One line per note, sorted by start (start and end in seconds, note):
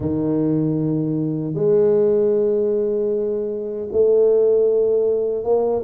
0.00 1.54 D#3
1.54 3.87 G#3
3.92 5.43 A3
5.43 5.82 A#3